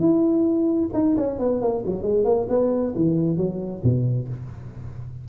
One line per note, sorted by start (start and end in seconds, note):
0.00 0.90 E4
0.94 1.16 D#4
1.17 1.39 C#4
1.39 1.61 B3
1.62 1.84 A#3
1.86 2.03 F#3
2.03 2.25 G#3
2.25 2.47 A#3
2.49 2.94 B3
2.96 3.37 E3
3.37 3.82 F#3
3.84 4.28 B2